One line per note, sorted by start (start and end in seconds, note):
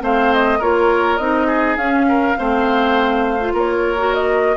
0.00 0.60 A3
0.00 0.59 C4
0.00 0.59 C5
0.00 0.33 F5
0.33 0.62 D#5
0.59 1.18 A#3
0.59 1.19 F4
0.59 1.47 A#4
0.59 1.17 C#5
1.17 1.77 C4
1.17 1.78 D#4
1.17 1.76 D#5
1.47 2.06 G#4
1.77 2.36 C#4
1.77 2.37 C#4
1.77 3.53 F5
2.08 2.38 A#4
2.37 3.53 A3
2.37 3.40 C4
2.37 3.54 C5
3.40 3.96 F4
3.53 4.56 A#3
3.53 4.56 A#4
3.53 4.14 C#5
3.96 4.55 F#4
4.14 4.56 D#5